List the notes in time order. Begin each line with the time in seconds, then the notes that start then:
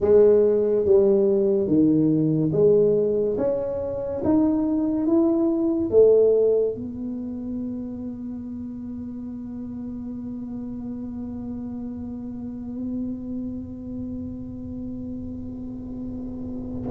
0.00 G#3
0.85 G3
1.67 D#3
2.52 G#3
3.37 C#4
4.24 D#4
5.06 E4
5.90 A3
6.74 B3